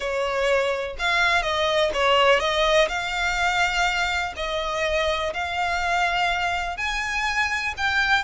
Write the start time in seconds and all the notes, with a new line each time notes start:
0.00 C#5
0.98 F5
1.42 D#5
1.93 C#5
2.39 D#5
2.88 F5
4.36 D#5
5.33 F5
6.77 G#5
7.77 G5